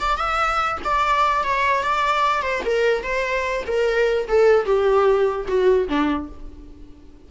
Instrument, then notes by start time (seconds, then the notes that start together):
viola
0.00 D5
0.17 E5
0.85 D5
1.44 C#5
1.83 D5
2.42 C5
2.65 A#4
3.03 C5
3.67 A#4
4.28 A4
4.65 G4
5.48 F#4
5.89 D4